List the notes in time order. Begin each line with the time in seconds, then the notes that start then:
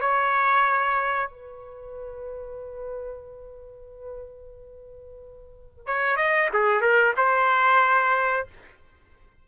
0.00 C#5
1.30 B4
5.86 C#5
6.16 D#5
6.53 G#4
6.81 A#4
7.17 C5